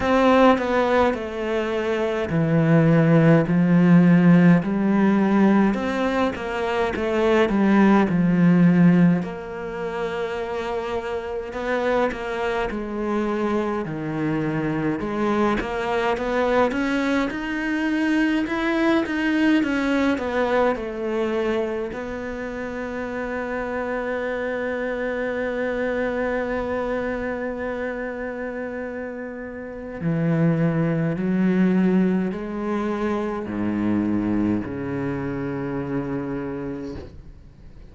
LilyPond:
\new Staff \with { instrumentName = "cello" } { \time 4/4 \tempo 4 = 52 c'8 b8 a4 e4 f4 | g4 c'8 ais8 a8 g8 f4 | ais2 b8 ais8 gis4 | dis4 gis8 ais8 b8 cis'8 dis'4 |
e'8 dis'8 cis'8 b8 a4 b4~ | b1~ | b2 e4 fis4 | gis4 gis,4 cis2 | }